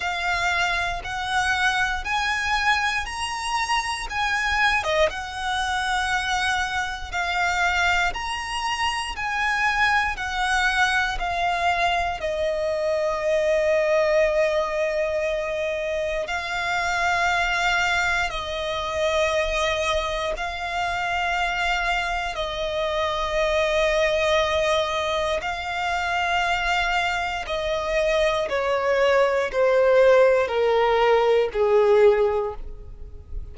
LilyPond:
\new Staff \with { instrumentName = "violin" } { \time 4/4 \tempo 4 = 59 f''4 fis''4 gis''4 ais''4 | gis''8. dis''16 fis''2 f''4 | ais''4 gis''4 fis''4 f''4 | dis''1 |
f''2 dis''2 | f''2 dis''2~ | dis''4 f''2 dis''4 | cis''4 c''4 ais'4 gis'4 | }